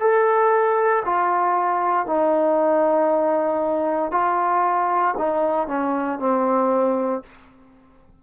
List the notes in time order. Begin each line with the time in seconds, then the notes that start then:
0.00 A4
1.05 F4
2.06 D#4
4.11 F4
5.18 D#4
5.68 C#4
6.19 C4